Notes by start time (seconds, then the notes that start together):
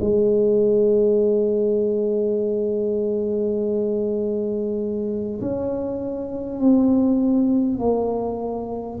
0.00 G#3
5.41 C#4
6.59 C4
7.79 A#3